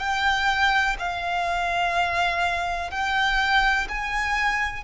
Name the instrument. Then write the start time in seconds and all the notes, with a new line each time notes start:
violin
0.00 G5
0.99 F5
2.91 G5
3.89 G#5